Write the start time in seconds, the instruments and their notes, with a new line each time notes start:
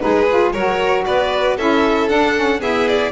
0.00 double bass G#3, saxophone D#4, violin G#4 B4
0.30 saxophone F4
0.52 double bass F#3, saxophone F#4, violin A#4 C#5
1.05 double bass B3, violin B4 D5
1.57 double bass C#4, saxophone E4, violin A4 E5
2.08 saxophone D4, double bass D4, violin F#5
2.35 saxophone C#4
2.60 saxophone B3, double bass E4, violin G#4 E5
2.88 violin D5